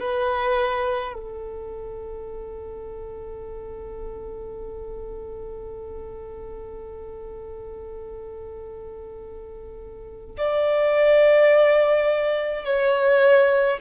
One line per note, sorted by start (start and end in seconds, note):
0.00 1.13 B4
1.13 10.36 A4
10.37 12.65 D5
12.65 13.80 C#5